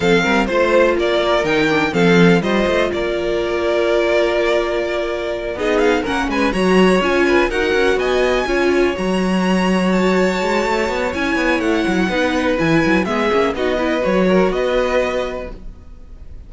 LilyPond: <<
  \new Staff \with { instrumentName = "violin" } { \time 4/4 \tempo 4 = 124 f''4 c''4 d''4 g''4 | f''4 dis''4 d''2~ | d''2.~ d''8 dis''8 | f''8 fis''8 gis''8 ais''4 gis''4 fis''8~ |
fis''8 gis''2 ais''4.~ | ais''8 a''2~ a''8 gis''4 | fis''2 gis''4 e''4 | dis''4 cis''4 dis''2 | }
  \new Staff \with { instrumentName = "violin" } { \time 4/4 a'8 ais'8 c''4 ais'2 | a'4 c''4 ais'2~ | ais'2.~ ais'8 gis'8~ | gis'8 ais'8 b'8 cis''4. b'8 ais'8~ |
ais'8 dis''4 cis''2~ cis''8~ | cis''1~ | cis''4 b'2 gis'4 | fis'8 b'4 ais'8 b'2 | }
  \new Staff \with { instrumentName = "viola" } { \time 4/4 c'4 f'2 dis'8 d'8 | c'4 f'2.~ | f'2.~ f'8 dis'8~ | dis'8 cis'4 fis'4 f'4 fis'8~ |
fis'4. f'4 fis'4.~ | fis'2. e'4~ | e'4 dis'4 e'4 b8 cis'8 | dis'8 e'8 fis'2. | }
  \new Staff \with { instrumentName = "cello" } { \time 4/4 f8 g8 a4 ais4 dis4 | f4 g8 a8 ais2~ | ais2.~ ais8 b8~ | b8 ais8 gis8 fis4 cis'4 dis'8 |
cis'8 b4 cis'4 fis4.~ | fis4. gis8 a8 b8 cis'8 b8 | a8 fis8 b4 e8 fis8 gis8 ais8 | b4 fis4 b2 | }
>>